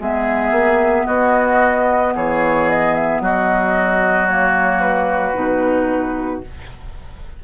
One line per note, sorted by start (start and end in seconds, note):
0.00 0.51 G#3
0.00 4.29 B3
0.00 1.06 G#4
0.00 1.07 E5
0.51 1.05 A#3
1.06 2.15 B3
1.06 2.14 F#4
1.06 2.14 D#5
2.15 3.21 E3
2.15 3.22 G#4
2.15 2.69 C#5
2.70 2.95 D#5
2.95 3.22 E5
3.21 5.35 F#3
3.21 6.44 F#4
3.21 4.27 D#5
4.27 5.34 A#3
4.27 4.81 C#5
4.81 6.41 B4
5.34 6.42 B2
5.34 6.41 D#4